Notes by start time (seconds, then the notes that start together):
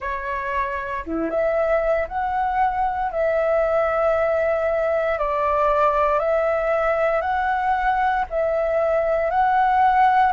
0.00 C#5
1.05 E4
1.30 E5
2.08 F#5
3.11 E5
5.18 D5
6.19 E5
7.21 F#5
8.29 E5
9.30 F#5